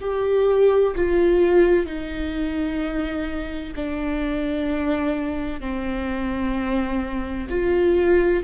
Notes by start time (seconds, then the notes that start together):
0.00 G4
0.95 F4
1.86 D#4
3.75 D4
5.60 C4
7.50 F4